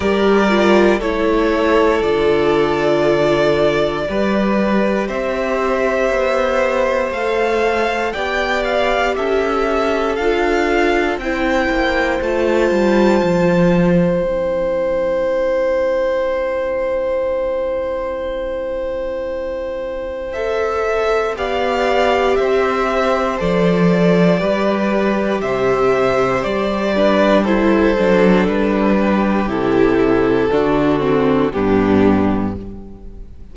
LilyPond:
<<
  \new Staff \with { instrumentName = "violin" } { \time 4/4 \tempo 4 = 59 d''4 cis''4 d''2~ | d''4 e''2 f''4 | g''8 f''8 e''4 f''4 g''4 | a''2 g''2~ |
g''1 | e''4 f''4 e''4 d''4~ | d''4 e''4 d''4 c''4 | b'4 a'2 g'4 | }
  \new Staff \with { instrumentName = "violin" } { \time 4/4 ais'4 a'2. | b'4 c''2. | d''4 a'2 c''4~ | c''1~ |
c''1~ | c''4 d''4 c''2 | b'4 c''4. b'8 a'4~ | a'8 g'4. fis'4 d'4 | }
  \new Staff \with { instrumentName = "viola" } { \time 4/4 g'8 f'8 e'4 f'2 | g'2. a'4 | g'2 f'4 e'4 | f'2 e'2~ |
e'1 | a'4 g'2 a'4 | g'2~ g'8 d'8 e'8 d'8~ | d'4 e'4 d'8 c'8 b4 | }
  \new Staff \with { instrumentName = "cello" } { \time 4/4 g4 a4 d2 | g4 c'4 b4 a4 | b4 cis'4 d'4 c'8 ais8 | a8 g8 f4 c'2~ |
c'1~ | c'4 b4 c'4 f4 | g4 c4 g4. fis8 | g4 c4 d4 g,4 | }
>>